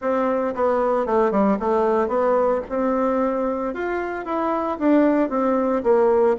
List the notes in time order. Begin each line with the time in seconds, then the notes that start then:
0.01 C4
0.54 B3
1.05 A3
1.31 G3
1.59 A3
2.08 B3
2.69 C4
3.73 F4
4.25 E4
4.78 D4
5.29 C4
5.83 A#3